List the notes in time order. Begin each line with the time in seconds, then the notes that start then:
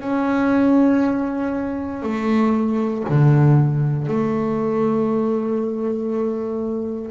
0.00 C#4
2.02 A3
3.08 D3
4.07 A3